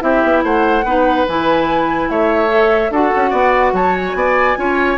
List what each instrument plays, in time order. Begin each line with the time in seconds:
0.00 bassoon C4, clarinet E4, oboe G4, flute E5
0.24 bassoon B3
0.44 bassoon A3, oboe C5, flute F#5
0.84 bassoon B3, clarinet D#4, oboe B4
1.27 bassoon E3, clarinet E4, flute G#5
2.10 bassoon A3, oboe C#5, flute E5
2.48 clarinet A4
2.90 bassoon D4, clarinet F#4, oboe A4, flute F#5
3.16 bassoon C#4
3.31 bassoon B3, oboe D5
3.73 bassoon F#3, oboe C#5, flute A5
3.96 flute G#5
4.15 bassoon B3, oboe D5
4.57 bassoon C#4, clarinet F4, oboe C#5